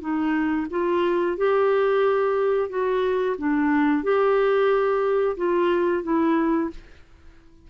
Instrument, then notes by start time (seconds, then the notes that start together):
clarinet
0.00 D#4
0.70 F4
1.37 G4
2.69 F#4
3.38 D4
4.03 G4
5.36 F4
6.03 E4